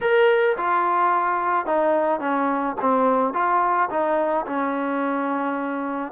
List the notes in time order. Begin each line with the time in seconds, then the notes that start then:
0.00 A#4
0.57 F4
1.66 D#4
2.20 C#4
2.81 C4
3.33 F4
3.90 D#4
4.46 C#4